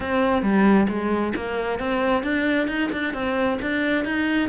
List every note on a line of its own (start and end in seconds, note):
0.00 0.42 C4
0.42 0.87 G3
0.88 1.33 G#3
1.35 1.79 A#3
1.79 2.23 C4
2.23 2.67 D4
2.67 2.90 D#4
2.92 3.13 D4
3.13 3.58 C4
3.61 4.05 D4
4.05 4.49 D#4